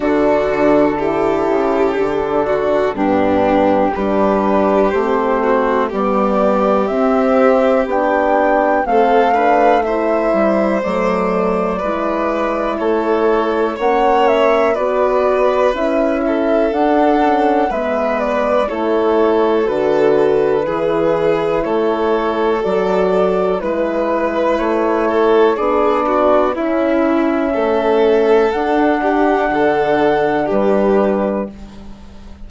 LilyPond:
<<
  \new Staff \with { instrumentName = "flute" } { \time 4/4 \tempo 4 = 61 a'2. g'4 | b'4 c''4 d''4 e''4 | g''4 f''4 e''4 d''4~ | d''4 cis''4 fis''8 e''8 d''4 |
e''4 fis''4 e''8 d''8 cis''4 | b'2 cis''4 d''4 | b'4 cis''4 d''4 e''4~ | e''4 fis''2 b'4 | }
  \new Staff \with { instrumentName = "violin" } { \time 4/4 fis'4 g'4. fis'8 d'4 | g'4. fis'8 g'2~ | g'4 a'8 b'8 c''2 | b'4 a'4 cis''4 b'4~ |
b'8 a'4. b'4 a'4~ | a'4 gis'4 a'2 | b'4. a'8 gis'8 fis'8 e'4 | a'4. g'8 a'4 g'4 | }
  \new Staff \with { instrumentName = "horn" } { \time 4/4 d'4 e'4 d'4 b4 | d'4 c'4 b4 c'4 | d'4 c'8 d'8 e'4 a4 | e'2 cis'4 fis'4 |
e'4 d'8 cis'8 b4 e'4 | fis'4 e'2 fis'4 | e'2 d'4 cis'4~ | cis'4 d'2. | }
  \new Staff \with { instrumentName = "bassoon" } { \time 4/4 d4. cis8 d4 g,4 | g4 a4 g4 c'4 | b4 a4. g8 fis4 | gis4 a4 ais4 b4 |
cis'4 d'4 gis4 a4 | d4 e4 a4 fis4 | gis4 a4 b4 cis'4 | a4 d'4 d4 g4 | }
>>